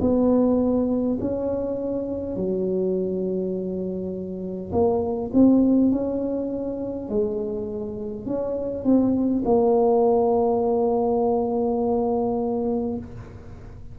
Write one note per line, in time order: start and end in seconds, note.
0.00 1.18 B3
1.20 2.36 C#4
2.36 4.71 F#3
4.72 5.30 A#3
5.33 5.91 C4
5.91 7.09 C#4
7.09 8.25 G#3
8.25 8.84 C#4
8.84 9.43 C4
9.44 12.97 A#3